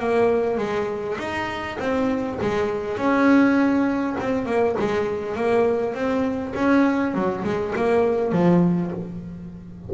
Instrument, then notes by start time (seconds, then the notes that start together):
double bass
0.00 A#3
0.58 G#3
1.19 D#4
1.80 C4
2.42 G#3
2.98 C#4
4.20 C4
4.46 A#3
4.80 G#3
5.36 A#3
5.94 C4
6.55 C#4
7.14 F#3
7.44 G#3
7.76 A#3
8.32 F3